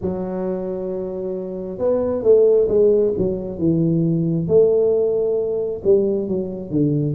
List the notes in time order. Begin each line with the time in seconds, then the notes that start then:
0.01 F#3
1.78 B3
2.23 A3
2.68 G#3
3.17 F#3
3.58 E3
4.47 A3
5.84 G3
6.28 F#3
6.70 D3